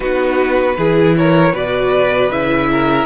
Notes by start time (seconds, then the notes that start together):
0.00 B3 D#4 F#4 B4
0.77 E3 E4 G#4
1.16 A#4 C#5
1.52 B2 F#4 B4 D5
2.30 C#3 E4 E5
2.71 A#4